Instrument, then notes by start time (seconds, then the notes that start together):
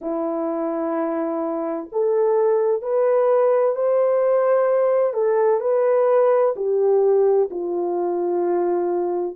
horn
0.01 E4
1.91 A4
2.81 B4
3.75 C5
5.13 A4
5.60 B4
6.55 G4
7.50 F4